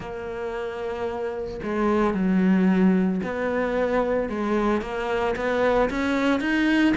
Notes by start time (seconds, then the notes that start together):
0.00 A#3
1.63 G#3
2.14 F#3
3.23 B3
4.29 G#3
4.81 A#3
5.36 B3
5.89 C#4
6.40 D#4